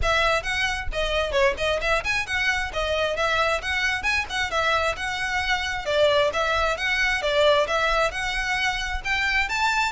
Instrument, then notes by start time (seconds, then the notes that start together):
violin
0.02 E5
0.42 F#5
0.92 D#5
1.31 C#5
1.57 D#5
1.81 E5
2.04 G#5
2.26 F#5
2.73 D#5
3.16 E5
3.62 F#5
4.03 G#5
4.29 F#5
4.50 E5
4.96 F#5
5.85 D5
6.33 E5
6.77 F#5
7.21 D5
7.67 E5
8.11 F#5
9.04 G5
9.48 A5